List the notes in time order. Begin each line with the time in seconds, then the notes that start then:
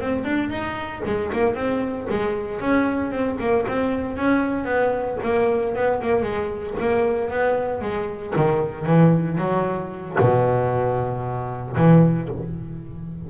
0.00 C4
0.24 D4
0.50 D#4
1.05 G#3
1.32 A#3
1.54 C4
2.09 G#3
2.60 C#4
3.11 C4
3.40 A#3
3.67 C4
4.16 C#4
4.65 B3
5.23 A#3
5.75 B3
6.01 A#3
6.22 G#3
6.80 A#3
7.30 B3
7.81 G#3
8.35 D#3
8.86 E3
9.37 F#3
10.20 B2
11.76 E3